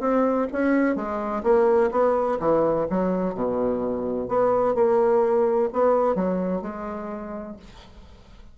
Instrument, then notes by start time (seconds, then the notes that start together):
bassoon
0.00 C4
0.53 C#4
0.96 G#3
1.43 A#3
1.91 B3
2.40 E3
2.90 F#3
3.35 B2
4.28 B3
4.75 A#3
5.73 B3
6.15 F#3
6.62 G#3